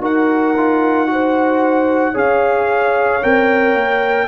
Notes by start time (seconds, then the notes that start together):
0.00 D#4 F#4 A#4 F#5
0.56 F4
1.07 F#4 C5
2.12 C#4 G#4 C#5 F5
3.22 C4 A#4 G5
3.74 A#3